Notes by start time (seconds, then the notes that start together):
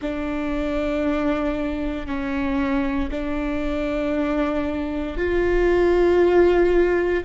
0.01 D4
2.06 C#4
3.10 D4
5.17 F4